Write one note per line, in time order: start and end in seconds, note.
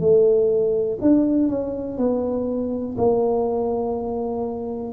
0.00 0.98 A3
1.01 1.48 D4
1.48 1.98 C#4
1.98 2.96 B3
2.97 4.93 A#3